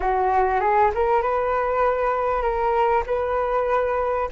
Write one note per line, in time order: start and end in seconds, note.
0.00 0.60 F#4
0.60 0.90 G#4
0.94 1.22 A#4
1.22 2.42 B4
2.42 3.03 A#4
3.06 4.29 B4